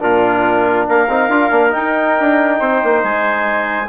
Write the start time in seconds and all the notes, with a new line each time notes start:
0.00 A#2 D4 F4 A#4
0.88 A#3 A#4 F5
1.08 C4 D#4
1.29 D4 F4
1.50 A#3 D4
1.70 D#4 G5
2.20 D4
2.60 C4 C5
2.84 A#3
3.03 G#3 G#5